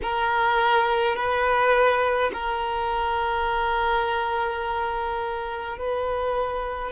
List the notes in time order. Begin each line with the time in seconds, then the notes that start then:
0.02 A#4
1.15 B4
2.33 A#4
5.77 B4